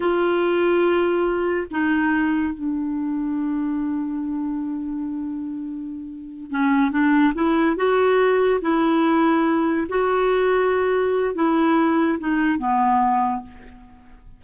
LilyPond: \new Staff \with { instrumentName = "clarinet" } { \time 4/4 \tempo 4 = 143 f'1 | dis'2 d'2~ | d'1~ | d'2.~ d'8 cis'8~ |
cis'8 d'4 e'4 fis'4.~ | fis'8 e'2. fis'8~ | fis'2. e'4~ | e'4 dis'4 b2 | }